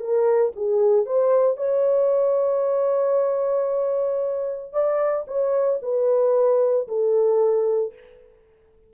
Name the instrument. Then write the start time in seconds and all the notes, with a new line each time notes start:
horn
0.00 A#4
0.56 G#4
1.06 C5
1.57 C#5
4.73 D5
5.28 C#5
5.83 B4
6.88 A4